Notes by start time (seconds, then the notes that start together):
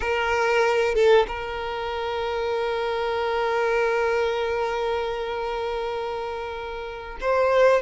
0.00 A#4
0.94 A4
1.27 A#4
7.20 C5